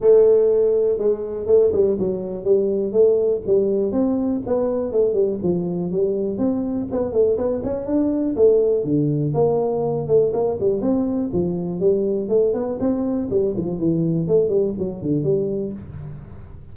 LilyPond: \new Staff \with { instrumentName = "tuba" } { \time 4/4 \tempo 4 = 122 a2 gis4 a8 g8 | fis4 g4 a4 g4 | c'4 b4 a8 g8 f4 | g4 c'4 b8 a8 b8 cis'8 |
d'4 a4 d4 ais4~ | ais8 a8 ais8 g8 c'4 f4 | g4 a8 b8 c'4 g8 f8 | e4 a8 g8 fis8 d8 g4 | }